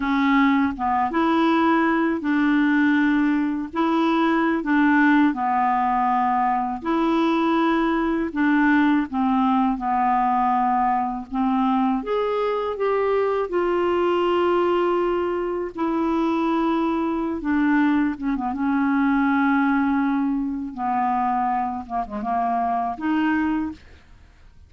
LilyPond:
\new Staff \with { instrumentName = "clarinet" } { \time 4/4 \tempo 4 = 81 cis'4 b8 e'4. d'4~ | d'4 e'4~ e'16 d'4 b8.~ | b4~ b16 e'2 d'8.~ | d'16 c'4 b2 c'8.~ |
c'16 gis'4 g'4 f'4.~ f'16~ | f'4~ f'16 e'2~ e'16 d'8~ | d'8 cis'16 b16 cis'2. | b4. ais16 gis16 ais4 dis'4 | }